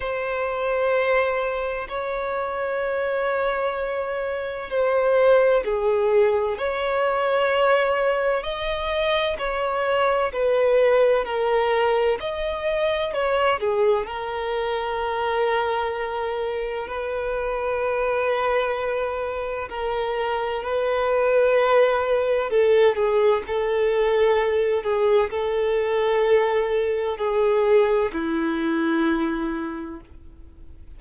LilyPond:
\new Staff \with { instrumentName = "violin" } { \time 4/4 \tempo 4 = 64 c''2 cis''2~ | cis''4 c''4 gis'4 cis''4~ | cis''4 dis''4 cis''4 b'4 | ais'4 dis''4 cis''8 gis'8 ais'4~ |
ais'2 b'2~ | b'4 ais'4 b'2 | a'8 gis'8 a'4. gis'8 a'4~ | a'4 gis'4 e'2 | }